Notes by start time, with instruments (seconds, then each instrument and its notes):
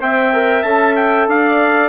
0.00 bassoon C4, trombone C5, clarinet E5, trumpet G5
0.34 trombone A#4
0.63 bassoon C#4, trombone A4, trumpet A5
0.96 trumpet G5
1.28 bassoon D4, clarinet D5, trumpet F5